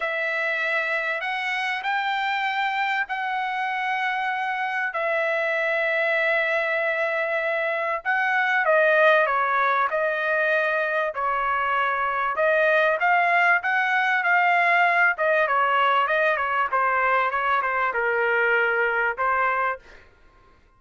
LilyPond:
\new Staff \with { instrumentName = "trumpet" } { \time 4/4 \tempo 4 = 97 e''2 fis''4 g''4~ | g''4 fis''2. | e''1~ | e''4 fis''4 dis''4 cis''4 |
dis''2 cis''2 | dis''4 f''4 fis''4 f''4~ | f''8 dis''8 cis''4 dis''8 cis''8 c''4 | cis''8 c''8 ais'2 c''4 | }